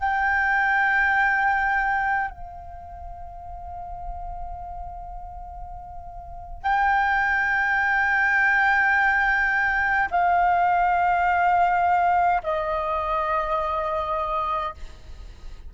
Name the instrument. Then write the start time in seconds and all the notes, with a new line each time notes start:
flute
0.00 G5
2.31 F5
6.63 G5
10.11 F5
12.44 D#5